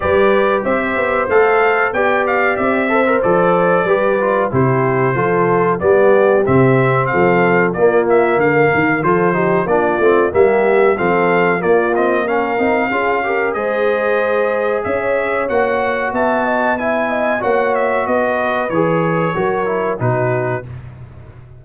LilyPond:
<<
  \new Staff \with { instrumentName = "trumpet" } { \time 4/4 \tempo 4 = 93 d''4 e''4 f''4 g''8 f''8 | e''4 d''2 c''4~ | c''4 d''4 e''4 f''4 | d''8 e''8 f''4 c''4 d''4 |
e''4 f''4 d''8 dis''8 f''4~ | f''4 dis''2 e''4 | fis''4 a''4 gis''4 fis''8 e''8 | dis''4 cis''2 b'4 | }
  \new Staff \with { instrumentName = "horn" } { \time 4/4 b'4 c''2 d''4~ | d''8 c''4. b'4 g'4 | a'4 g'2 a'4 | f'4 ais'4 a'8 g'8 f'4 |
g'4 a'4 f'4 ais'4 | gis'8 ais'8 c''2 cis''4~ | cis''4 e''8 dis''8 e''8 dis''8 cis''4 | b'2 ais'4 fis'4 | }
  \new Staff \with { instrumentName = "trombone" } { \time 4/4 g'2 a'4 g'4~ | g'8 a'16 ais'16 a'4 g'8 f'8 e'4 | f'4 b4 c'2 | ais2 f'8 dis'8 d'8 c'8 |
ais4 c'4 ais8 c'8 cis'8 dis'8 | f'8 g'8 gis'2. | fis'2 e'4 fis'4~ | fis'4 gis'4 fis'8 e'8 dis'4 | }
  \new Staff \with { instrumentName = "tuba" } { \time 4/4 g4 c'8 b8 a4 b4 | c'4 f4 g4 c4 | f4 g4 c4 f4 | ais4 d8 dis8 f4 ais8 a8 |
g4 f4 ais4. c'8 | cis'4 gis2 cis'4 | ais4 b2 ais4 | b4 e4 fis4 b,4 | }
>>